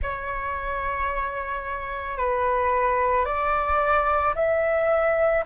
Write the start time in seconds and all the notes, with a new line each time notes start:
0.02 C#5
2.17 B4
3.25 D5
4.35 E5